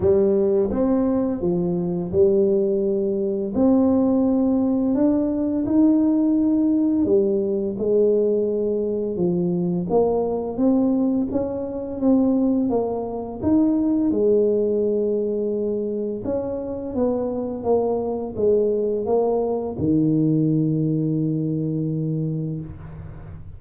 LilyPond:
\new Staff \with { instrumentName = "tuba" } { \time 4/4 \tempo 4 = 85 g4 c'4 f4 g4~ | g4 c'2 d'4 | dis'2 g4 gis4~ | gis4 f4 ais4 c'4 |
cis'4 c'4 ais4 dis'4 | gis2. cis'4 | b4 ais4 gis4 ais4 | dis1 | }